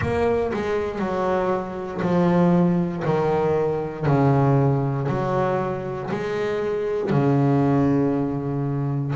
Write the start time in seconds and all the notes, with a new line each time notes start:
0.01 A#3
0.53 G#3
0.98 F#3
2.01 F3
3.04 D#3
4.06 C#3
5.08 F#3
6.11 G#3
7.10 C#3